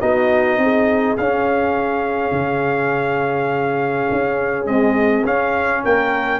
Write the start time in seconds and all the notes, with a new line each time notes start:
0.00 B3 D#4 F#4 D#5
0.57 C4 G#4
1.17 C#4 F5
2.31 C#3
4.11 C#4
4.65 G#3 C4 D#5
5.25 C#4 F5
5.83 A#3 A#4 G5